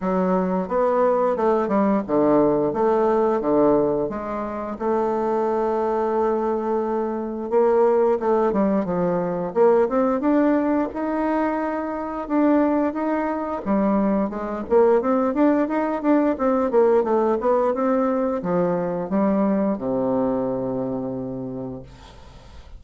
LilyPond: \new Staff \with { instrumentName = "bassoon" } { \time 4/4 \tempo 4 = 88 fis4 b4 a8 g8 d4 | a4 d4 gis4 a4~ | a2. ais4 | a8 g8 f4 ais8 c'8 d'4 |
dis'2 d'4 dis'4 | g4 gis8 ais8 c'8 d'8 dis'8 d'8 | c'8 ais8 a8 b8 c'4 f4 | g4 c2. | }